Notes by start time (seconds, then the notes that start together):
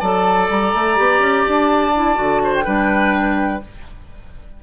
0.00 F#3 A4 D5 A5
0.49 G3 A#5
0.74 A3
0.95 B3 G4
1.19 C#4
1.47 D4 A5
1.95 E4
2.14 D3 F#4
2.44 C5
2.54 G5
2.64 G3 D4 B4